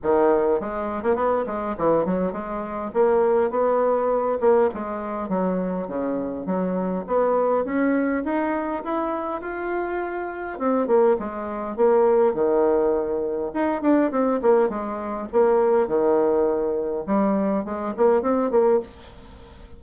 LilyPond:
\new Staff \with { instrumentName = "bassoon" } { \time 4/4 \tempo 4 = 102 dis4 gis8. ais16 b8 gis8 e8 fis8 | gis4 ais4 b4. ais8 | gis4 fis4 cis4 fis4 | b4 cis'4 dis'4 e'4 |
f'2 c'8 ais8 gis4 | ais4 dis2 dis'8 d'8 | c'8 ais8 gis4 ais4 dis4~ | dis4 g4 gis8 ais8 c'8 ais8 | }